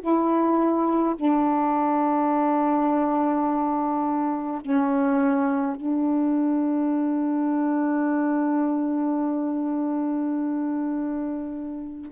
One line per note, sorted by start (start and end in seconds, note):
0.00 1.15 E4
1.15 4.61 D4
4.61 5.76 C#4
5.76 12.10 D4